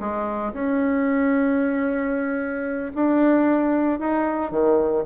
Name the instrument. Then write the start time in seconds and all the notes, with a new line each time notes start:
bassoon
0.00 G#3
0.54 C#4
2.95 D4
4.00 D#4
4.51 D#3